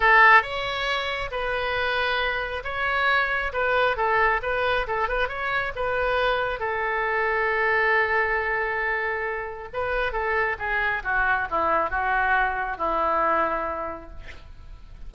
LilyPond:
\new Staff \with { instrumentName = "oboe" } { \time 4/4 \tempo 4 = 136 a'4 cis''2 b'4~ | b'2 cis''2 | b'4 a'4 b'4 a'8 b'8 | cis''4 b'2 a'4~ |
a'1~ | a'2 b'4 a'4 | gis'4 fis'4 e'4 fis'4~ | fis'4 e'2. | }